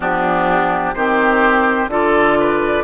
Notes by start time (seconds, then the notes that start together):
0.00 F3 B3 D4 G4
0.94 D#3 C4 G4 C5
1.87 D3 F4 A4 D5
2.39 B4